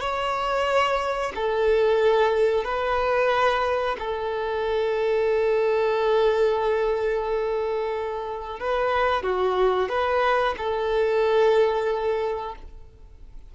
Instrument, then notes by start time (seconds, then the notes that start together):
violin
0.00 C#5
1.35 A4
2.64 B4
3.99 A4
8.59 B4
9.22 F#4
9.88 B4
10.57 A4